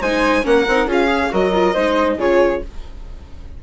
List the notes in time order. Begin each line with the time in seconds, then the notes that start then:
0.00 G#3 D#4 C5 G#5
0.42 A#3 C#4 A#4 F#5
0.67 C4 D#4
0.86 C#4 F4 G#4
0.92 F5
1.07 G#4
1.30 F#3 F#4 A#4 D#5
1.53 F4
1.73 G#3 D#4 C5
2.16 C#3 F4 G#4 C#5